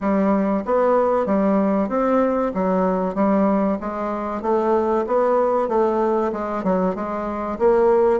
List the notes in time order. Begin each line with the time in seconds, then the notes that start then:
0.00 G3
0.65 B3
1.25 G3
1.88 C4
2.53 F#3
3.14 G3
3.80 G#3
4.42 A3
5.07 B3
5.68 A3
6.32 G#3
6.63 F#3
6.95 G#3
7.58 A#3